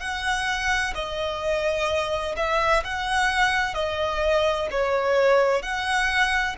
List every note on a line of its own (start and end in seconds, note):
0.00 0.94 F#5
0.95 2.35 D#5
2.37 2.83 E5
2.84 3.74 F#5
3.74 4.68 D#5
4.71 5.62 C#5
5.62 6.56 F#5